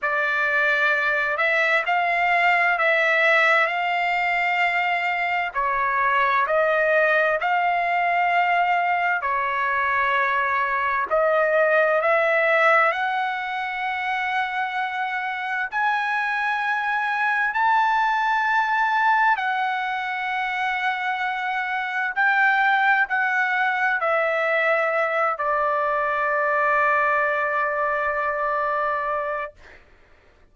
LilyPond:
\new Staff \with { instrumentName = "trumpet" } { \time 4/4 \tempo 4 = 65 d''4. e''8 f''4 e''4 | f''2 cis''4 dis''4 | f''2 cis''2 | dis''4 e''4 fis''2~ |
fis''4 gis''2 a''4~ | a''4 fis''2. | g''4 fis''4 e''4. d''8~ | d''1 | }